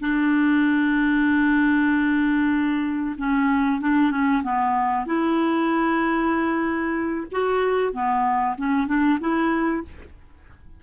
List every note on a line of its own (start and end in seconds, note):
0.00 3.16 D4
3.18 3.81 C#4
3.81 4.11 D4
4.11 4.42 C#4
4.43 5.06 B3
5.06 7.27 E4
7.31 7.92 F#4
7.92 8.56 B3
8.58 8.87 C#4
8.87 9.19 D4
9.20 9.83 E4